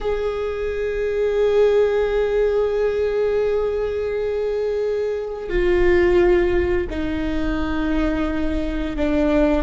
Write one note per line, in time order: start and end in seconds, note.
0.00 5.49 G#4
5.49 6.87 F4
6.90 8.96 D#4
8.96 9.62 D4